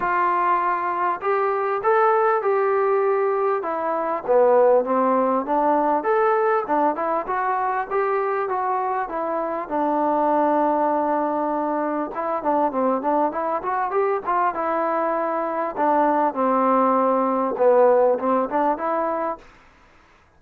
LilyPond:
\new Staff \with { instrumentName = "trombone" } { \time 4/4 \tempo 4 = 99 f'2 g'4 a'4 | g'2 e'4 b4 | c'4 d'4 a'4 d'8 e'8 | fis'4 g'4 fis'4 e'4 |
d'1 | e'8 d'8 c'8 d'8 e'8 fis'8 g'8 f'8 | e'2 d'4 c'4~ | c'4 b4 c'8 d'8 e'4 | }